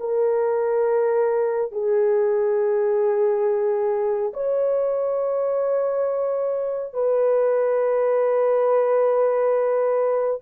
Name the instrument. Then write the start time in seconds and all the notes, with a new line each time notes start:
horn
0.00 A#4
1.72 G#4
4.34 C#5
6.94 B4